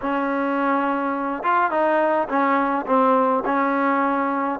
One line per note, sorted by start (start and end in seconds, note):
0.01 1.43 C#4
1.43 1.70 F4
1.70 2.28 D#4
2.28 2.85 C#4
2.86 3.43 C4
3.45 4.59 C#4